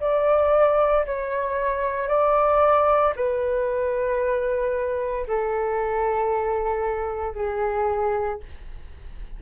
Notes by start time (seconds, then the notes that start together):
0.00 D5
1.06 C#5
2.09 D5
3.16 B4
5.28 A4
7.35 G#4